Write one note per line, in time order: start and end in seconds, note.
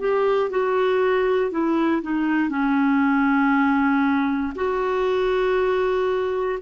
0.00 0.50 G4
0.50 1.51 F#4
1.51 2.02 E4
2.02 2.50 D#4
2.50 4.53 C#4
4.56 6.59 F#4